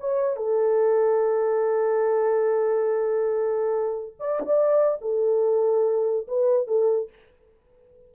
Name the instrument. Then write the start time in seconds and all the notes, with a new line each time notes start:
horn
0.00 C#5
0.37 A4
4.20 D5
4.40 D4 D5
5.01 A4
6.27 B4
6.67 A4